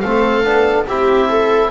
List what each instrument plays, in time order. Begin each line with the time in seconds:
0.00 double bass A3, trombone C4, viola A4, oboe F5
0.44 double bass B3, trombone D4
0.87 double bass C4, trombone E4, viola G4, oboe E5
1.28 viola A4